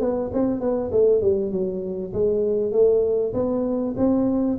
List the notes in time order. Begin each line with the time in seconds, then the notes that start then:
0.00 B3
0.33 C4
0.60 B3
0.92 A3
1.21 G3
1.52 F#3
2.13 G#3
2.72 A3
3.33 B3
3.97 C4